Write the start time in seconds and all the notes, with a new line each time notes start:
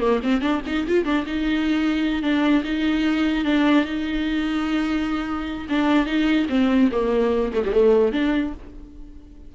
0.00 A#3
0.23 C4
0.41 D4
0.66 D#4
0.88 F4
1.05 D4
1.26 D#4
2.22 D4
2.64 D#4
3.45 D4
3.85 D#4
5.69 D4
6.06 D#4
6.49 C4
6.91 A#3
7.53 A3
7.64 G3
7.72 A3
8.12 D4